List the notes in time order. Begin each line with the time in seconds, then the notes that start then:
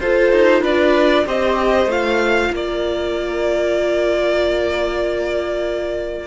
0.00 F4 A4 C5
0.32 D#4
0.60 D4 B4 D5
1.25 C4 G4 C5 D#5
1.86 A3 F4 F5
2.51 A#3 A#4 D5